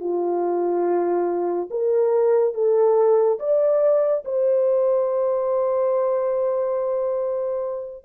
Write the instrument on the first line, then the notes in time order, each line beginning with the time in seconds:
horn
0.00 F4
1.70 A#4
2.54 A4
3.39 D5
4.25 C5